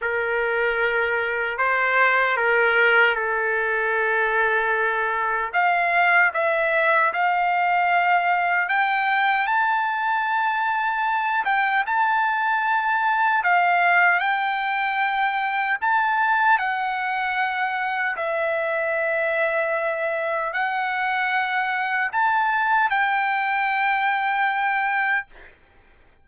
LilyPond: \new Staff \with { instrumentName = "trumpet" } { \time 4/4 \tempo 4 = 76 ais'2 c''4 ais'4 | a'2. f''4 | e''4 f''2 g''4 | a''2~ a''8 g''8 a''4~ |
a''4 f''4 g''2 | a''4 fis''2 e''4~ | e''2 fis''2 | a''4 g''2. | }